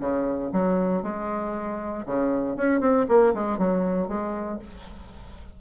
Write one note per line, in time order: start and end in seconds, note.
0.00 0.51 C#3
0.52 1.03 F#3
1.03 2.04 G#3
2.06 2.57 C#3
2.57 2.80 C#4
2.80 3.06 C4
3.08 3.34 A#3
3.34 3.58 G#3
3.58 4.08 F#3
4.08 4.59 G#3